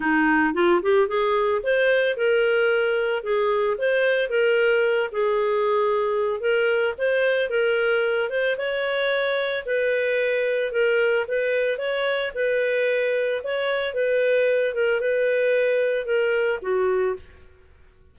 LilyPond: \new Staff \with { instrumentName = "clarinet" } { \time 4/4 \tempo 4 = 112 dis'4 f'8 g'8 gis'4 c''4 | ais'2 gis'4 c''4 | ais'4. gis'2~ gis'8 | ais'4 c''4 ais'4. c''8 |
cis''2 b'2 | ais'4 b'4 cis''4 b'4~ | b'4 cis''4 b'4. ais'8 | b'2 ais'4 fis'4 | }